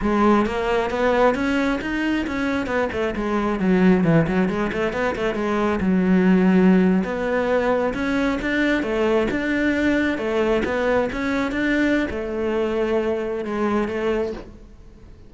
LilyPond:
\new Staff \with { instrumentName = "cello" } { \time 4/4 \tempo 4 = 134 gis4 ais4 b4 cis'4 | dis'4 cis'4 b8 a8 gis4 | fis4 e8 fis8 gis8 a8 b8 a8 | gis4 fis2~ fis8. b16~ |
b4.~ b16 cis'4 d'4 a16~ | a8. d'2 a4 b16~ | b8. cis'4 d'4~ d'16 a4~ | a2 gis4 a4 | }